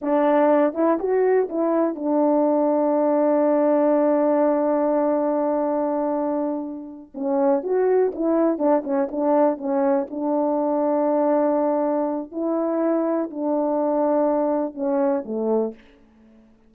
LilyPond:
\new Staff \with { instrumentName = "horn" } { \time 4/4 \tempo 4 = 122 d'4. e'8 fis'4 e'4 | d'1~ | d'1~ | d'2~ d'8 cis'4 fis'8~ |
fis'8 e'4 d'8 cis'8 d'4 cis'8~ | cis'8 d'2.~ d'8~ | d'4 e'2 d'4~ | d'2 cis'4 a4 | }